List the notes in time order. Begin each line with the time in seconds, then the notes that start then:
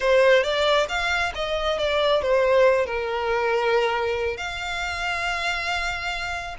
0.00 C5
0.43 D5
0.88 F5
1.35 D#5
1.78 D5
2.22 C5
2.85 A#4
4.37 F5